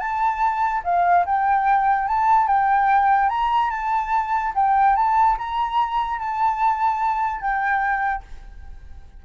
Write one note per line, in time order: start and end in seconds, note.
0.00 0.82 A5
0.84 1.25 F5
1.26 2.08 G5
2.08 2.48 A5
2.48 3.30 G5
3.30 3.71 A#5
3.71 4.53 A5
4.55 4.96 G5
4.96 5.37 A5
5.38 6.19 A#5
6.19 7.41 A5
7.41 8.23 G5